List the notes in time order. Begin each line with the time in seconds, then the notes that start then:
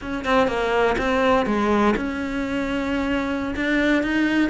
0.01 C#4
0.24 C4
0.47 A#3
0.98 C4
1.46 G#3
1.96 C#4
3.56 D4
4.02 D#4